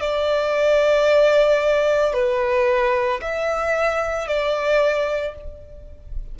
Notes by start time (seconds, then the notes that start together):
0.00 D5
2.13 B4
3.21 E5
4.27 D5